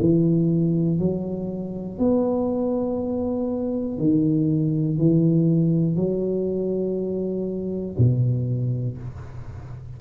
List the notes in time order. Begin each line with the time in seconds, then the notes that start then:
0.00 E3
0.99 F#3
1.99 B3
3.98 D#3
4.98 E3
5.96 F#3
7.97 B2